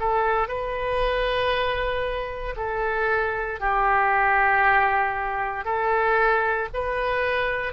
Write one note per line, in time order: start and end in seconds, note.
0.00 0.48 A4
0.48 2.55 B4
2.57 3.60 A4
3.60 5.65 G4
5.65 6.69 A4
6.74 7.73 B4